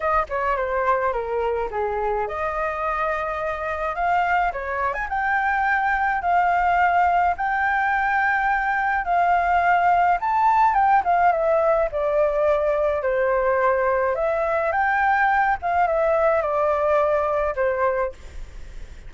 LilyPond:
\new Staff \with { instrumentName = "flute" } { \time 4/4 \tempo 4 = 106 dis''8 cis''8 c''4 ais'4 gis'4 | dis''2. f''4 | cis''8. gis''16 g''2 f''4~ | f''4 g''2. |
f''2 a''4 g''8 f''8 | e''4 d''2 c''4~ | c''4 e''4 g''4. f''8 | e''4 d''2 c''4 | }